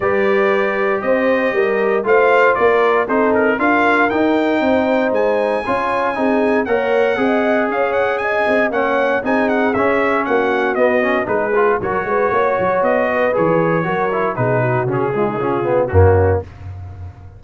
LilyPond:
<<
  \new Staff \with { instrumentName = "trumpet" } { \time 4/4 \tempo 4 = 117 d''2 dis''2 | f''4 d''4 c''8 ais'8 f''4 | g''2 gis''2~ | gis''4 fis''2 f''8 fis''8 |
gis''4 fis''4 gis''8 fis''8 e''4 | fis''4 dis''4 b'4 cis''4~ | cis''4 dis''4 cis''2 | b'4 gis'2 fis'4 | }
  \new Staff \with { instrumentName = "horn" } { \time 4/4 b'2 c''4 ais'4 | c''4 ais'4 a'4 ais'4~ | ais'4 c''2 cis''4 | gis'4 cis''4 dis''4 cis''4 |
dis''4 cis''4 gis'2 | fis'2 gis'4 ais'8 b'8 | cis''4. b'4. ais'4 | gis'8 fis'4 f'16 dis'16 f'4 cis'4 | }
  \new Staff \with { instrumentName = "trombone" } { \time 4/4 g'1 | f'2 dis'4 f'4 | dis'2. f'4 | dis'4 ais'4 gis'2~ |
gis'4 cis'4 dis'4 cis'4~ | cis'4 b8 cis'8 dis'8 f'8 fis'4~ | fis'2 gis'4 fis'8 e'8 | dis'4 cis'8 gis8 cis'8 b8 ais4 | }
  \new Staff \with { instrumentName = "tuba" } { \time 4/4 g2 c'4 g4 | a4 ais4 c'4 d'4 | dis'4 c'4 gis4 cis'4 | c'4 ais4 c'4 cis'4~ |
cis'8 c'8 ais4 c'4 cis'4 | ais4 b4 gis4 fis8 gis8 | ais8 fis8 b4 e4 fis4 | b,4 cis2 fis,4 | }
>>